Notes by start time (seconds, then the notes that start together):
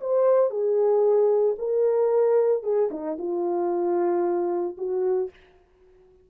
0.00 C5
0.50 G#4
1.58 A#4
2.63 G#4
2.90 D#4
3.18 F4
4.77 F#4